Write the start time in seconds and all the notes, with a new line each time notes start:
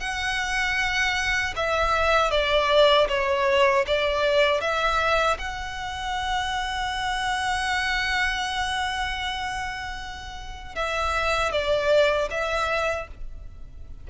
0.00 F#5
1.56 E5
2.30 D5
3.08 C#5
3.87 D5
4.60 E5
5.38 F#5
10.75 E5
11.52 D5
12.30 E5